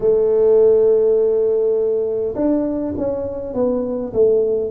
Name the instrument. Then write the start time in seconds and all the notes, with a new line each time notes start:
tuba
0.00 A3
2.35 D4
2.97 C#4
3.53 B3
4.13 A3